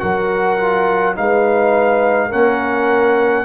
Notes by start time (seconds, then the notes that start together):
0.00 F#3 F#4 A#4 F#5
0.58 F4
1.16 G#3 D#4 B4 F5
2.29 A#3 C#4 A#4 F#5